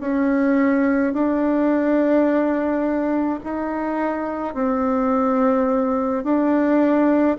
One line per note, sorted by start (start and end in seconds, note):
0.00 1.13 C#4
1.13 3.40 D4
3.44 4.54 D#4
4.54 6.24 C4
6.24 7.37 D4